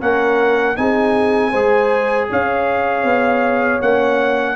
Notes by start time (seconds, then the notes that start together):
0.00 A#3 C#4 A#4 F#5
0.76 C4 D#4 G#4 G#5
1.51 G#3 G#4 C5
2.30 C#4 C#5 F5
3.03 B3
3.82 A#3 C#4 F#5